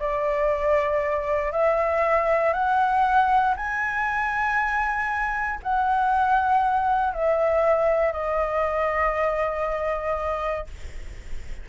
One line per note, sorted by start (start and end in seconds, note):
0.00 1.52 D5
1.52 2.53 E5
2.53 3.55 F#5
3.57 5.60 G#5
5.63 7.14 F#5
7.14 8.13 E5
8.13 10.67 D#5